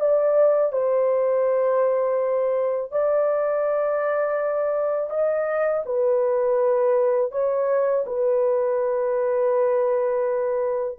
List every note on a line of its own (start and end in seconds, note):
0.00 0.72 D5
0.72 2.91 C5
2.91 5.10 D5
5.10 5.83 D#5
5.86 7.32 B4
7.32 8.05 C#5
8.07 10.99 B4